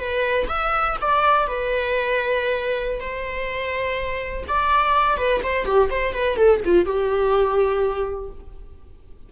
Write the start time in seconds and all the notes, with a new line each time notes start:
0.00 B4
0.49 E5
1.02 D5
1.48 B4
3.00 C5
4.49 D5
5.18 B4
5.44 C5
5.66 G4
5.90 C5
6.14 B4
6.37 A4
6.65 F4
6.86 G4